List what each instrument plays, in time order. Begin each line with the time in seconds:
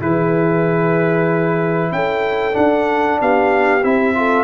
0.00 tuba E3, trombone E4, horn G#4, trumpet B4
1.92 tuba C#4, horn A4, trumpet G5
2.53 trombone D4, tuba D4, trumpet F#5
3.21 tuba B3, horn G4, trumpet F5
3.83 tuba C4, trombone E4, trumpet E5
4.15 trombone F4, horn A4